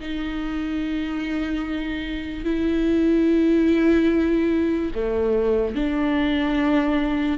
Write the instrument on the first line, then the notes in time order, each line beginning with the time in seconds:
viola
0.00 D#4
2.45 E4
4.95 A3
5.75 D4